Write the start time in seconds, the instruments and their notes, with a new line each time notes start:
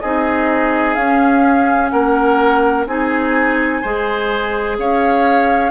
0.00 bassoon C4, clarinet D#4, oboe G#4, flute D#5
0.93 bassoon C#4, clarinet C#4, flute F5
1.89 bassoon A#3, oboe A#4, flute F#5
2.86 bassoon C4, clarinet D#4, oboe G#4, flute G#5
3.81 bassoon G#3, clarinet G#4, oboe C5
4.78 bassoon C#4, oboe C#5, flute F5